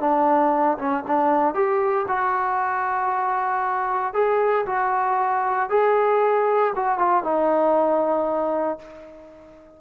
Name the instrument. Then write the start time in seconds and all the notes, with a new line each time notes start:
trombone
0.00 D4
0.78 C#4
1.07 D4
1.54 G4
2.08 F#4
4.14 G#4
4.66 F#4
5.69 G#4
6.75 F#4
6.98 F4
7.23 D#4